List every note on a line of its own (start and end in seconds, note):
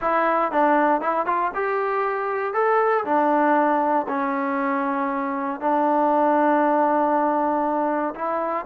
0.01 0.51 E4
0.51 1.01 D4
1.01 1.26 E4
1.26 1.51 F4
1.54 2.53 G4
2.53 3.04 A4
3.04 4.06 D4
4.08 5.60 C#4
5.60 8.14 D4
8.14 8.65 E4